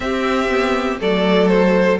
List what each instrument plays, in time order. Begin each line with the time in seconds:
0.00 viola C4, cello C4, violin G4 E5
0.49 viola B3
1.00 cello F#3, viola A3, violin A4 D5
1.48 violin C5